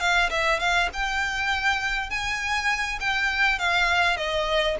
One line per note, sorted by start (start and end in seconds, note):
0.00 0.30 F5
0.30 0.59 E5
0.59 0.89 F5
0.93 2.10 G5
2.10 2.99 G#5
3.00 3.59 G5
3.59 4.17 F5
4.17 4.76 D#5